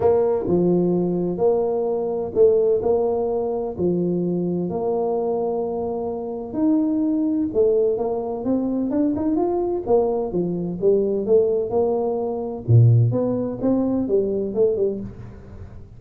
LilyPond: \new Staff \with { instrumentName = "tuba" } { \time 4/4 \tempo 4 = 128 ais4 f2 ais4~ | ais4 a4 ais2 | f2 ais2~ | ais2 dis'2 |
a4 ais4 c'4 d'8 dis'8 | f'4 ais4 f4 g4 | a4 ais2 ais,4 | b4 c'4 g4 a8 g8 | }